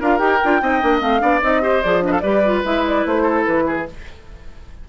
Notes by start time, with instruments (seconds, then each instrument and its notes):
0.00 bassoon D4, clarinet F4, oboe A#4, flute F5
0.18 bassoon D#4, clarinet G4, flute G5
0.44 bassoon D4, clarinet F4
0.61 bassoon C4, clarinet D#4, oboe D#5
0.81 bassoon A#3, clarinet D4
1.00 bassoon A3, clarinet C4, flute F5
1.20 bassoon B3, clarinet D4, oboe D5
1.41 bassoon C4, clarinet D#4, flute D#5
1.62 clarinet G4, oboe C5
1.82 bassoon F3, clarinet G#4, flute D5
2.01 clarinet D4, oboe B4, flute D#5
2.11 oboe A4, flute F5
2.20 bassoon G3, clarinet G4, oboe B4, flute D5
2.45 clarinet F4
2.64 bassoon G#3, clarinet E4, flute E5
2.87 flute D5
3.06 bassoon A3, flute C5
3.22 oboe A4
3.45 bassoon E3, flute B4
3.67 oboe G#4